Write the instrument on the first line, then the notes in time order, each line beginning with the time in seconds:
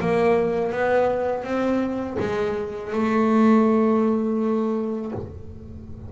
double bass
0.00 A#3
0.72 B3
1.44 C4
2.19 G#3
2.92 A3